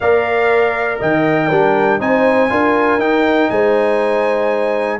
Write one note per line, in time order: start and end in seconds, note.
0.00 1.00 A#3
0.00 1.51 A#4
0.00 0.99 D5
0.00 1.00 F5
0.99 1.50 D#3
0.99 1.48 D#5
0.99 2.00 G5
1.48 2.00 G3
1.48 2.00 D4
1.48 1.98 A#4
2.00 2.50 C4
2.00 2.49 D#4
2.00 2.51 C5
2.00 2.99 G#5
2.49 2.98 D4
2.49 2.99 F4
2.49 3.51 A#4
2.98 3.48 D#4
2.98 4.99 D#4
2.98 3.49 G5
3.50 4.99 G#3
3.50 4.99 C5
3.50 4.99 G#5